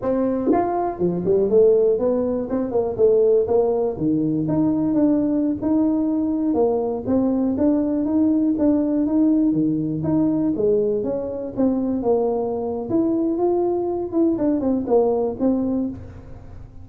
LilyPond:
\new Staff \with { instrumentName = "tuba" } { \time 4/4 \tempo 4 = 121 c'4 f'4 f8 g8 a4 | b4 c'8 ais8 a4 ais4 | dis4 dis'4 d'4~ d'16 dis'8.~ | dis'4~ dis'16 ais4 c'4 d'8.~ |
d'16 dis'4 d'4 dis'4 dis8.~ | dis16 dis'4 gis4 cis'4 c'8.~ | c'16 ais4.~ ais16 e'4 f'4~ | f'8 e'8 d'8 c'8 ais4 c'4 | }